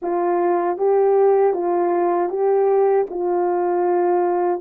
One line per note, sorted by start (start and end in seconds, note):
0.02 0.77 F4
0.77 1.53 G4
1.53 2.29 F4
2.29 3.06 G4
3.10 4.61 F4